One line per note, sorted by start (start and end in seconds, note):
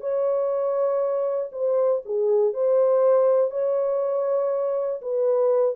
0.00 1.50 C#5
1.52 2.02 C5
2.05 2.53 G#4
2.53 3.50 C5
3.50 5.00 C#5
5.01 5.75 B4